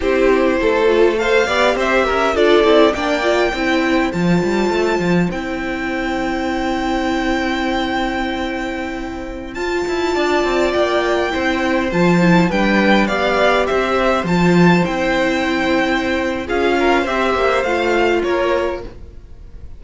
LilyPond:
<<
  \new Staff \with { instrumentName = "violin" } { \time 4/4 \tempo 4 = 102 c''2 f''4 e''4 | d''4 g''2 a''4~ | a''4 g''2.~ | g''1~ |
g''16 a''2 g''4.~ g''16~ | g''16 a''4 g''4 f''4 e''8.~ | e''16 a''4 g''2~ g''8. | f''4 e''4 f''4 cis''4 | }
  \new Staff \with { instrumentName = "violin" } { \time 4/4 g'4 a'4 c''8 d''8 c''8 ais'8 | a'4 d''4 c''2~ | c''1~ | c''1~ |
c''4~ c''16 d''2 c''8.~ | c''4~ c''16 b'4 d''4 c''8.~ | c''1 | gis'8 ais'8 c''2 ais'4 | }
  \new Staff \with { instrumentName = "viola" } { \time 4/4 e'4. f'8 a'8 g'4. | f'8 e'8 d'8 f'8 e'4 f'4~ | f'4 e'2.~ | e'1~ |
e'16 f'2. e'8.~ | e'16 f'8 e'8 d'4 g'4.~ g'16~ | g'16 f'4 e'2~ e'8. | f'4 g'4 f'2 | }
  \new Staff \with { instrumentName = "cello" } { \time 4/4 c'4 a4. b8 c'8 cis'8 | d'8 c'8 ais4 c'4 f8 g8 | a8 f8 c'2.~ | c'1~ |
c'16 f'8 e'8 d'8 c'8 ais4 c'8.~ | c'16 f4 g4 b4 c'8.~ | c'16 f4 c'2~ c'8. | cis'4 c'8 ais8 a4 ais4 | }
>>